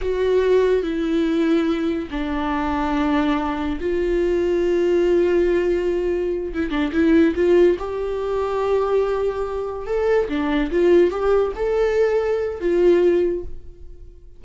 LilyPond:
\new Staff \with { instrumentName = "viola" } { \time 4/4 \tempo 4 = 143 fis'2 e'2~ | e'4 d'2.~ | d'4 f'2.~ | f'2.~ f'8 e'8 |
d'8 e'4 f'4 g'4.~ | g'2.~ g'8 a'8~ | a'8 d'4 f'4 g'4 a'8~ | a'2 f'2 | }